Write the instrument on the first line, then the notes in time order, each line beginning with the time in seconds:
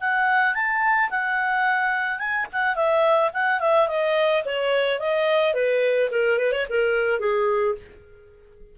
clarinet
0.00 F#5
0.54 A5
1.10 F#5
2.19 G#5
2.52 F#5
2.76 E5
3.33 F#5
3.60 E5
3.88 D#5
4.45 C#5
4.99 D#5
5.54 B4
6.11 A#4
6.38 B4
6.52 C#5
6.69 A#4
7.19 G#4